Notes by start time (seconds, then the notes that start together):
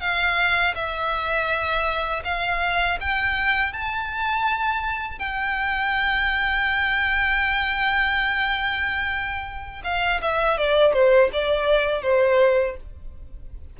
0.00 F5
0.74 E5
2.24 F5
3.00 G5
3.73 A5
5.19 G5
9.84 F5
10.21 E5
10.58 D5
10.93 C5
11.33 D5
12.02 C5